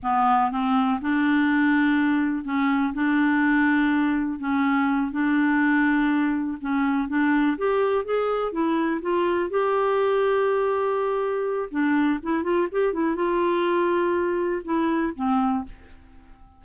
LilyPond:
\new Staff \with { instrumentName = "clarinet" } { \time 4/4 \tempo 4 = 123 b4 c'4 d'2~ | d'4 cis'4 d'2~ | d'4 cis'4. d'4.~ | d'4. cis'4 d'4 g'8~ |
g'8 gis'4 e'4 f'4 g'8~ | g'1 | d'4 e'8 f'8 g'8 e'8 f'4~ | f'2 e'4 c'4 | }